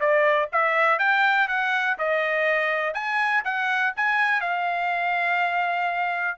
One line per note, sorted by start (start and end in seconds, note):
0.00 0.49 D5
0.52 0.99 E5
0.99 1.48 G5
1.48 1.97 F#5
1.98 2.94 D#5
2.94 3.43 G#5
3.44 3.93 F#5
3.96 4.41 G#5
4.41 6.38 F5